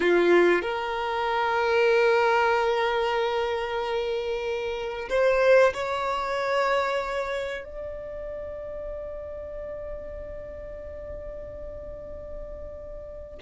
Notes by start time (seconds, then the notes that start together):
0.00 F4
0.62 A#4
5.09 C5
5.73 C#5
7.64 D5